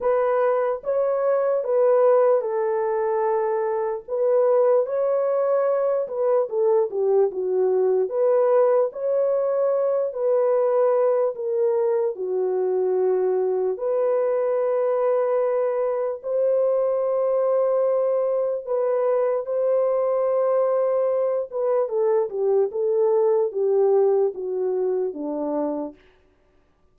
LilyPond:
\new Staff \with { instrumentName = "horn" } { \time 4/4 \tempo 4 = 74 b'4 cis''4 b'4 a'4~ | a'4 b'4 cis''4. b'8 | a'8 g'8 fis'4 b'4 cis''4~ | cis''8 b'4. ais'4 fis'4~ |
fis'4 b'2. | c''2. b'4 | c''2~ c''8 b'8 a'8 g'8 | a'4 g'4 fis'4 d'4 | }